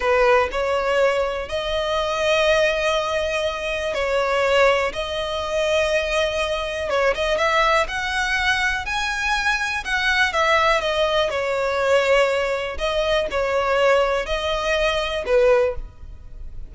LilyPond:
\new Staff \with { instrumentName = "violin" } { \time 4/4 \tempo 4 = 122 b'4 cis''2 dis''4~ | dis''1 | cis''2 dis''2~ | dis''2 cis''8 dis''8 e''4 |
fis''2 gis''2 | fis''4 e''4 dis''4 cis''4~ | cis''2 dis''4 cis''4~ | cis''4 dis''2 b'4 | }